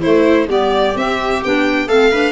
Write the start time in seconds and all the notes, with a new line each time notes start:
0.00 A3 E4 C5
0.47 G3 B3 G4 D5
0.94 C4 E5
1.43 B3 D4 G5
1.87 A3 C4 A4 F5
2.11 D4 B4